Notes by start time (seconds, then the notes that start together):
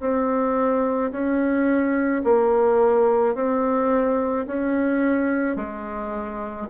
0.00 C4
1.12 C#4
2.24 A#3
3.35 C4
4.47 C#4
5.56 G#3